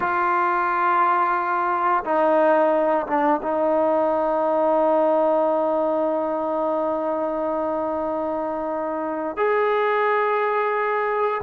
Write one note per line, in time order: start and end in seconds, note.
0.00 2.03 F4
2.04 3.06 D#4
3.06 3.40 D4
3.42 9.36 D#4
9.36 11.41 G#4